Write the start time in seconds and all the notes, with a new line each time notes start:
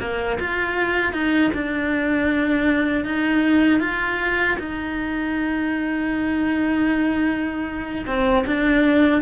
0.00 A#3
0.40 F4
1.13 D#4
1.54 D4
3.05 D#4
3.80 F4
4.59 D#4
8.06 C4
8.46 D4